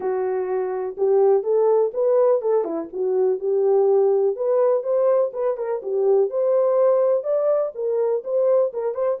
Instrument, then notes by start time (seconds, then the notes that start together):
horn
0.00 F#4
0.97 G4
1.43 A4
1.93 B4
2.41 A4
2.64 E4
2.92 F#4
3.39 G4
4.36 B4
4.83 C5
5.33 B4
5.57 A#4
5.82 G4
6.29 C5
7.23 D5
7.75 A#4
8.24 C5
8.73 A#4
8.94 C5